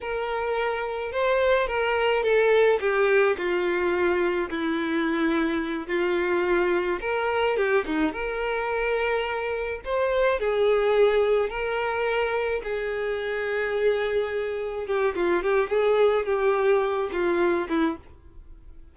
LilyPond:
\new Staff \with { instrumentName = "violin" } { \time 4/4 \tempo 4 = 107 ais'2 c''4 ais'4 | a'4 g'4 f'2 | e'2~ e'8 f'4.~ | f'8 ais'4 g'8 dis'8 ais'4.~ |
ais'4. c''4 gis'4.~ | gis'8 ais'2 gis'4.~ | gis'2~ gis'8 g'8 f'8 g'8 | gis'4 g'4. f'4 e'8 | }